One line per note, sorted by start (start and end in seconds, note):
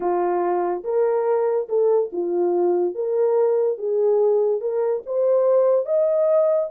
0.00 0.83 F4
0.84 1.68 A#4
1.69 2.11 A4
2.12 2.95 F4
2.95 3.78 A#4
3.78 4.60 G#4
4.60 5.02 A#4
5.06 5.85 C5
5.85 6.69 D#5